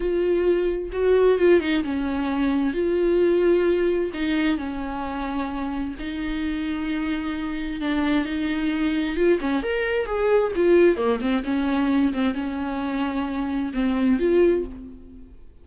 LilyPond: \new Staff \with { instrumentName = "viola" } { \time 4/4 \tempo 4 = 131 f'2 fis'4 f'8 dis'8 | cis'2 f'2~ | f'4 dis'4 cis'2~ | cis'4 dis'2.~ |
dis'4 d'4 dis'2 | f'8 cis'8 ais'4 gis'4 f'4 | ais8 c'8 cis'4. c'8 cis'4~ | cis'2 c'4 f'4 | }